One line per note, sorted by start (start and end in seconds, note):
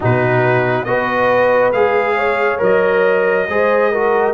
0.00 0.85 B2
0.00 0.86 D#4
0.00 0.86 F#4
0.00 0.84 B4
0.84 1.72 B3
0.84 1.73 F#4
0.84 2.16 B4
0.84 1.71 D#5
1.72 2.59 G#3
1.72 2.58 G#4
1.72 2.59 F5
2.16 3.46 C#5
2.58 3.48 F#3
2.58 3.45 A#4
2.58 4.33 D#5
3.48 4.33 G#3
3.48 3.93 G#4
3.48 3.91 C5
3.91 4.33 F#4
3.91 4.33 A#4